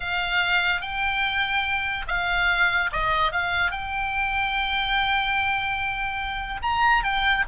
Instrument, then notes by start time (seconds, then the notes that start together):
oboe
0.00 F5
0.81 G5
2.07 F5
2.92 D#5
3.31 F5
3.71 G5
6.62 A#5
7.03 G5